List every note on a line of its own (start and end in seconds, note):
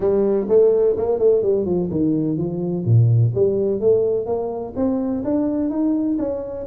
0.00 0.47 G3
0.48 0.95 A3
0.96 1.18 A#3
1.18 1.42 A3
1.42 1.65 G3
1.65 1.89 F3
1.90 2.37 D#3
2.37 2.85 F3
2.85 3.32 A#2
3.34 3.80 G3
3.80 4.26 A3
4.26 4.73 A#3
4.76 5.23 C4
5.24 5.69 D4
5.69 6.17 D#4
6.18 6.66 C#4